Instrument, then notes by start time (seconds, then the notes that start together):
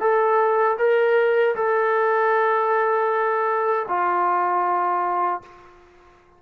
trombone
0.00 A4
0.78 A#4
1.55 A4
3.88 F4